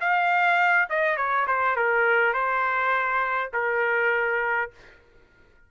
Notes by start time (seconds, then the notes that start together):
0.00 F5
0.89 D#5
1.16 C#5
1.47 C5
1.76 A#4
2.33 C5
3.53 A#4